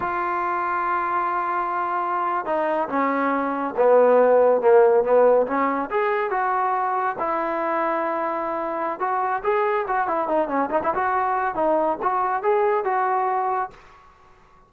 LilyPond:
\new Staff \with { instrumentName = "trombone" } { \time 4/4 \tempo 4 = 140 f'1~ | f'4.~ f'16 dis'4 cis'4~ cis'16~ | cis'8. b2 ais4 b16~ | b8. cis'4 gis'4 fis'4~ fis'16~ |
fis'8. e'2.~ e'16~ | e'4 fis'4 gis'4 fis'8 e'8 | dis'8 cis'8 dis'16 e'16 fis'4. dis'4 | fis'4 gis'4 fis'2 | }